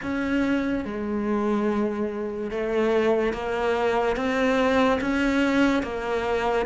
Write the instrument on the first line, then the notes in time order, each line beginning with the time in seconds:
cello
0.02 C#4
0.84 G#3
2.50 A3
3.33 A#3
4.16 C4
5.00 C#4
5.82 A#3